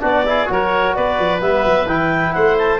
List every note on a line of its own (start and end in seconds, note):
0.00 0.49 B3
0.00 0.23 D4
0.00 0.24 F#4
0.00 0.49 D5
0.25 0.47 E4
0.25 0.52 G#4
0.47 0.96 F#3
0.47 1.39 F#4
0.47 0.96 A#4
0.47 0.95 C#5
0.95 1.19 B3
0.95 2.35 B4
0.95 1.41 D5
1.19 1.41 F3
1.40 1.64 G3
1.40 1.86 B3
1.40 1.87 E5
1.65 1.86 F#3
1.86 2.32 E3
1.86 2.80 E4
1.86 2.33 G5
2.33 2.80 A3
2.33 2.80 C5
2.33 2.56 F#5
2.58 2.80 A5